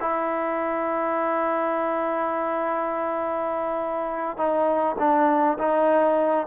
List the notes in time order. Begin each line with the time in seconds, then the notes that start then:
0.00 E4
4.37 D#4
4.99 D4
5.58 D#4